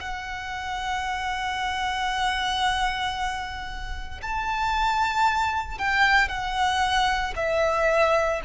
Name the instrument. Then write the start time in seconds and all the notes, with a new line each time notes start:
violin
0.00 F#5
4.22 A5
5.78 G5
6.28 F#5
7.36 E5